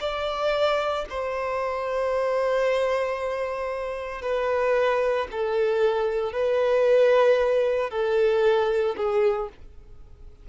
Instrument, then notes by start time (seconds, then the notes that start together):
violin
0.00 D5
1.09 C5
4.22 B4
5.31 A4
6.32 B4
7.89 A4
8.96 G#4